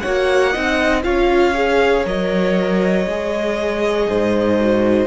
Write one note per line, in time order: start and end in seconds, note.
0.00 0.55 A#3
0.00 0.53 F#4
0.00 0.52 C#5
0.00 1.02 F#5
0.52 1.04 C4
0.52 1.03 D#4
0.52 1.03 D#5
1.03 2.05 C#4
1.03 1.54 F4
1.03 4.09 C#5
1.03 2.05 F5
1.54 2.04 G#4
2.04 3.06 F#3
2.04 3.06 A#4
2.04 5.07 D#5
3.06 4.08 G#3
3.06 4.60 G#4
4.09 5.07 G#2
4.09 5.07 C5
4.60 5.07 F#4